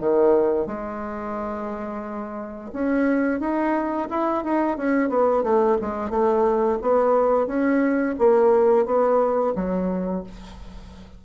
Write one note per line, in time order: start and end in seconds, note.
0.00 0.67 D#3
0.67 2.71 G#3
2.73 3.40 C#4
3.40 4.08 D#4
4.10 4.44 E4
4.44 4.78 D#4
4.78 5.10 C#4
5.10 5.43 B3
5.43 5.77 A3
5.81 6.10 G#3
6.10 6.78 A3
6.82 7.47 B3
7.47 8.15 C#4
8.19 8.86 A#3
8.86 9.54 B3
9.55 10.24 F#3